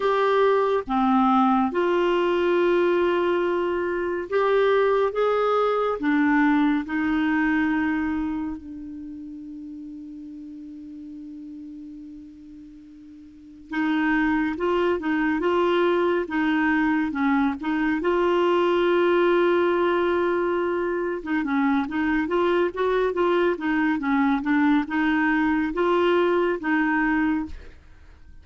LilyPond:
\new Staff \with { instrumentName = "clarinet" } { \time 4/4 \tempo 4 = 70 g'4 c'4 f'2~ | f'4 g'4 gis'4 d'4 | dis'2 d'2~ | d'1 |
dis'4 f'8 dis'8 f'4 dis'4 | cis'8 dis'8 f'2.~ | f'8. dis'16 cis'8 dis'8 f'8 fis'8 f'8 dis'8 | cis'8 d'8 dis'4 f'4 dis'4 | }